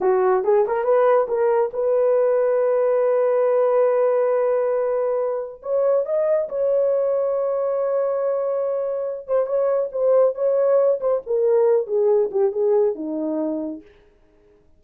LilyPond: \new Staff \with { instrumentName = "horn" } { \time 4/4 \tempo 4 = 139 fis'4 gis'8 ais'8 b'4 ais'4 | b'1~ | b'1~ | b'4 cis''4 dis''4 cis''4~ |
cis''1~ | cis''4. c''8 cis''4 c''4 | cis''4. c''8 ais'4. gis'8~ | gis'8 g'8 gis'4 dis'2 | }